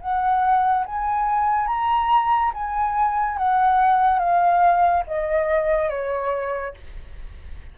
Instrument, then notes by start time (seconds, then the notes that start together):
flute
0.00 F#5
0.86 G#5
1.67 A#5
2.53 G#5
3.37 F#5
4.19 F5
5.07 D#5
5.89 C#5